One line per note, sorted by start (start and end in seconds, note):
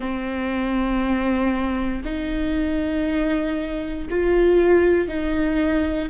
0.00 2.02 C4
2.04 4.07 D#4
4.10 5.08 F4
5.08 6.09 D#4